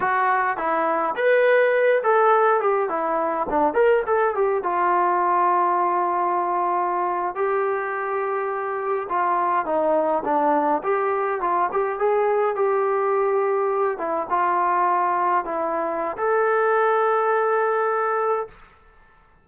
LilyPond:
\new Staff \with { instrumentName = "trombone" } { \time 4/4 \tempo 4 = 104 fis'4 e'4 b'4. a'8~ | a'8 g'8 e'4 d'8 ais'8 a'8 g'8 | f'1~ | f'8. g'2. f'16~ |
f'8. dis'4 d'4 g'4 f'16~ | f'16 g'8 gis'4 g'2~ g'16~ | g'16 e'8 f'2 e'4~ e'16 | a'1 | }